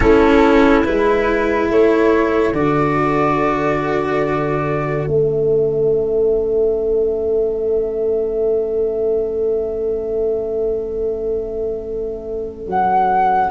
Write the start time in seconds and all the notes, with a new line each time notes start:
0.00 A3 C#4 E4 A4
0.84 G#3 E4 B4
1.70 A3 A4 C#5
2.52 D3 F#4 D5
5.06 A3 C#4 E5
12.66 F#3 F#5